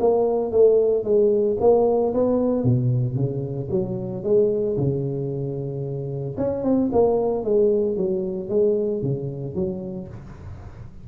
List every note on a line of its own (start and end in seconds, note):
0.00 0.51 A#3
0.51 1.04 A3
1.04 1.57 G#3
1.60 2.13 A#3
2.14 2.64 B3
2.64 3.16 B2
3.16 3.69 C#3
3.71 4.24 F#3
4.24 4.77 G#3
4.77 6.36 C#3
6.37 6.64 C#4
6.64 6.90 C4
6.92 7.44 A#3
7.44 7.96 G#3
7.96 8.49 F#3
8.49 9.02 G#3
9.02 9.55 C#3
9.55 10.08 F#3